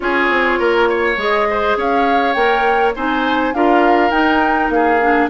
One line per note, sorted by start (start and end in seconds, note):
0.00 0.30 C#4
0.00 1.16 F4
0.00 0.59 G#4
0.00 1.16 C#5
0.30 0.59 C4
0.59 1.16 A#3
0.59 0.88 A#4
0.89 1.48 C#5
1.16 1.75 G#3
1.16 2.35 G#4
1.16 1.77 D#5
1.50 1.77 C5
1.77 2.35 C#4
1.77 2.95 C#5
1.77 2.33 F5
2.33 2.94 A#3
2.33 2.95 A#4
2.33 2.92 G5
2.95 3.53 C4
2.95 3.54 D#4
2.95 3.53 C5
2.95 3.54 G#5
3.53 4.10 D4
3.53 4.11 F4
3.53 4.73 A#4
3.53 4.10 F5
4.10 4.69 D#4
4.10 4.99 D#4
4.10 4.69 G5
4.69 5.28 A#3
4.69 5.29 G#4
4.69 5.28 F5
5.01 5.29 D4